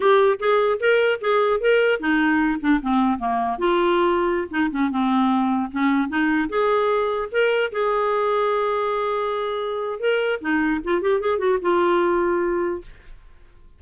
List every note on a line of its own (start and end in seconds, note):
0.00 0.39 G4
0.39 0.79 G#4
0.79 1.19 A#4
1.20 1.60 G#4
1.60 2.00 A#4
2.00 2.60 D#4
2.60 2.80 D4
2.81 3.18 C4
3.18 3.58 A#3
3.58 4.48 F4
4.50 4.70 D#4
4.71 4.90 C#4
4.90 5.70 C4
5.71 6.09 C#4
6.09 6.49 D#4
6.49 7.29 G#4
7.31 7.71 A#4
7.72 9.99 G#4
9.99 10.39 A#4
10.40 10.80 D#4
10.84 11.01 F4
11.01 11.20 G4
11.20 11.38 G#4
11.38 11.58 F#4
11.61 12.81 F4